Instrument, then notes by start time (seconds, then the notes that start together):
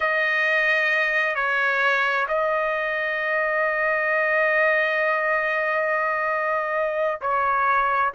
trumpet
0.00 D#5
1.35 C#5
2.28 D#5
7.21 C#5